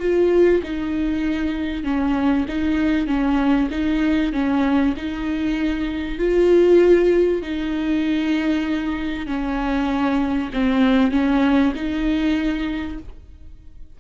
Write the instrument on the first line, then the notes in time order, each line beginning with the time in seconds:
viola
0.00 F4
0.63 D#4
1.84 C#4
2.48 D#4
3.07 C#4
3.71 D#4
4.33 C#4
4.97 D#4
6.19 F4
7.43 D#4
9.27 C#4
10.54 C4
11.11 C#4
11.75 D#4